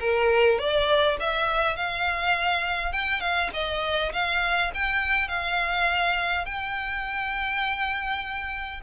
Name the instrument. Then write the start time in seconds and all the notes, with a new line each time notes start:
violin
0.00 A#4
0.59 D5
1.20 E5
1.76 F5
2.93 G5
3.21 F5
3.53 D#5
4.13 F5
4.74 G5
5.28 F5
6.45 G5